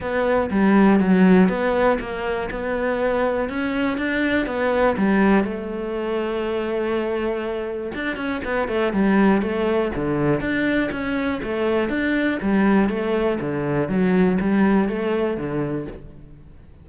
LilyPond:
\new Staff \with { instrumentName = "cello" } { \time 4/4 \tempo 4 = 121 b4 g4 fis4 b4 | ais4 b2 cis'4 | d'4 b4 g4 a4~ | a1 |
d'8 cis'8 b8 a8 g4 a4 | d4 d'4 cis'4 a4 | d'4 g4 a4 d4 | fis4 g4 a4 d4 | }